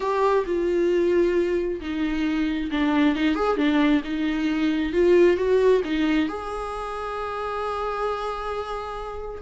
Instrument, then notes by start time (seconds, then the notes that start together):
viola
0.00 G4
0.46 F4
1.80 D#4
2.71 D4
3.15 D#4
3.35 G#4
3.57 D4
4.03 D#4
4.93 F4
5.36 F#4
5.84 D#4
6.28 G#4